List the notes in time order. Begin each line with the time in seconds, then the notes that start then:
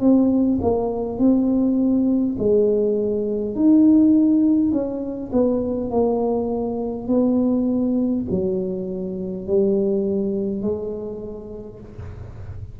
0.00 C4
0.61 A#3
1.18 C4
2.39 G#3
3.56 D#4
4.72 C#4
5.32 B3
5.90 A#3
7.07 B3
8.30 F#3
9.47 G3
10.62 G#3